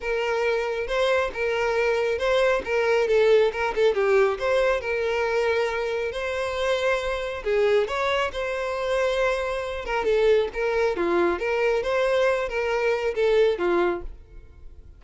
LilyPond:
\new Staff \with { instrumentName = "violin" } { \time 4/4 \tempo 4 = 137 ais'2 c''4 ais'4~ | ais'4 c''4 ais'4 a'4 | ais'8 a'8 g'4 c''4 ais'4~ | ais'2 c''2~ |
c''4 gis'4 cis''4 c''4~ | c''2~ c''8 ais'8 a'4 | ais'4 f'4 ais'4 c''4~ | c''8 ais'4. a'4 f'4 | }